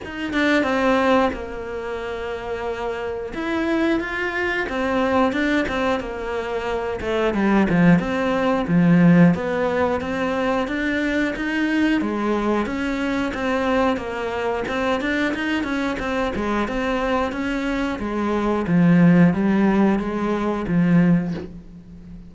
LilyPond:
\new Staff \with { instrumentName = "cello" } { \time 4/4 \tempo 4 = 90 dis'8 d'8 c'4 ais2~ | ais4 e'4 f'4 c'4 | d'8 c'8 ais4. a8 g8 f8 | c'4 f4 b4 c'4 |
d'4 dis'4 gis4 cis'4 | c'4 ais4 c'8 d'8 dis'8 cis'8 | c'8 gis8 c'4 cis'4 gis4 | f4 g4 gis4 f4 | }